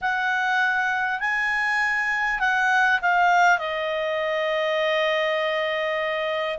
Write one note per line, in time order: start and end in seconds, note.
0.01 1.19 F#5
1.19 2.39 G#5
2.39 2.99 F#5
3.01 3.58 F5
3.58 6.58 D#5